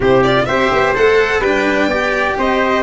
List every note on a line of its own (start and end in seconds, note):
0.00 0.45 C3
0.00 0.24 E4
0.00 0.45 G4
0.00 0.23 C5
0.23 0.48 F4
0.23 0.45 D5
0.45 0.70 C4
0.45 0.95 G4
0.45 1.40 C5
0.45 0.92 E5
0.71 0.95 B3
0.95 1.39 A3
0.95 1.42 A4
0.95 1.41 F#5
1.39 1.87 G3
1.39 1.90 D4
1.39 1.87 B4
1.39 2.36 G5
1.87 2.34 B3
1.87 2.83 G4
1.87 2.37 D5
2.37 2.83 C4
2.37 2.83 C5
2.37 2.83 D#5